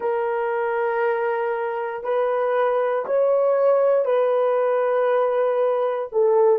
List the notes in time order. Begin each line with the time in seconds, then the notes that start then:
0.00 A#4
2.03 B4
3.05 C#5
4.04 B4
6.12 A4